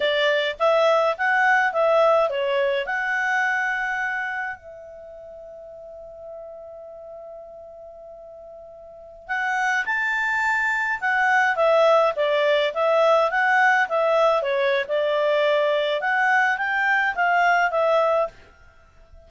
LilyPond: \new Staff \with { instrumentName = "clarinet" } { \time 4/4 \tempo 4 = 105 d''4 e''4 fis''4 e''4 | cis''4 fis''2. | e''1~ | e''1~ |
e''16 fis''4 a''2 fis''8.~ | fis''16 e''4 d''4 e''4 fis''8.~ | fis''16 e''4 cis''8. d''2 | fis''4 g''4 f''4 e''4 | }